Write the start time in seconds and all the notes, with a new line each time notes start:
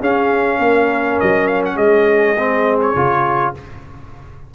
0.00 C#4 G#4 F5
0.59 A#3 A#4
1.20 F#3 D#5
1.47 F5
1.65 F#5
1.75 G#3 G#4 D#5
2.37 C4
2.81 C#5
2.95 C#3 F4